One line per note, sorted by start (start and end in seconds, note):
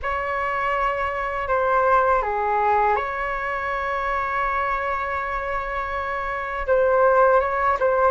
0.02 1.48 C#5
1.48 2.22 C5
2.22 2.96 G#4
2.96 6.66 C#5
6.66 7.40 C5
7.40 7.77 C#5
7.79 8.11 C5